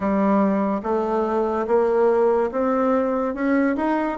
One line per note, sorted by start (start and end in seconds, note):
0.00 0.81 G3
0.83 1.66 A3
1.67 2.50 A#3
2.51 3.34 C4
3.34 3.76 C#4
3.76 4.17 D#4